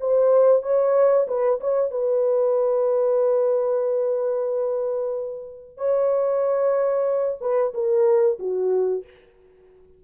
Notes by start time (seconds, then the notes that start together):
0.00 C5
0.62 C#5
1.28 B4
1.60 C#5
1.91 B4
5.77 C#5
7.41 B4
7.74 A#4
8.39 F#4